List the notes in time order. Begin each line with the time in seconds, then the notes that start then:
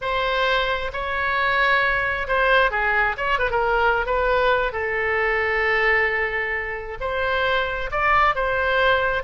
0.01 C5
0.92 C#5
2.27 C5
2.71 G#4
3.17 C#5
3.39 B4
3.50 A#4
4.06 B4
4.72 A4
7.00 C5
7.91 D5
8.35 C5